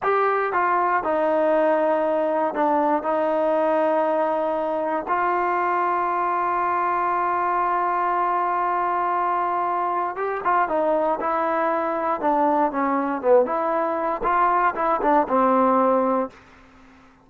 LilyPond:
\new Staff \with { instrumentName = "trombone" } { \time 4/4 \tempo 4 = 118 g'4 f'4 dis'2~ | dis'4 d'4 dis'2~ | dis'2 f'2~ | f'1~ |
f'1 | g'8 f'8 dis'4 e'2 | d'4 cis'4 b8 e'4. | f'4 e'8 d'8 c'2 | }